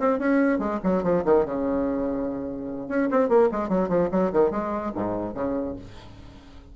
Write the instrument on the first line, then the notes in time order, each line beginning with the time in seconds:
bassoon
0.00 C4
0.19 C#4
0.59 G#3
0.84 F#3
1.03 F3
1.25 D#3
1.46 C#3
2.89 C#4
3.11 C4
3.29 A#3
3.52 G#3
3.69 F#3
3.89 F3
4.12 F#3
4.33 D#3
4.51 G#3
4.95 G#2
5.35 C#3